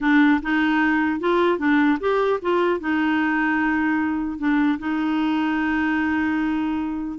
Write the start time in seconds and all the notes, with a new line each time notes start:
0.00 D4
0.42 D#4
1.19 F4
1.58 D4
2.00 G4
2.41 F4
2.80 D#4
4.38 D4
4.78 D#4